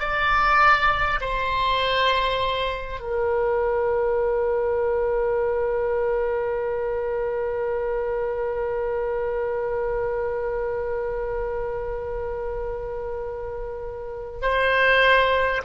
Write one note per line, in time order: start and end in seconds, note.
0.00 1.20 D5
1.21 3.01 C5
3.01 14.41 A#4
14.42 15.62 C5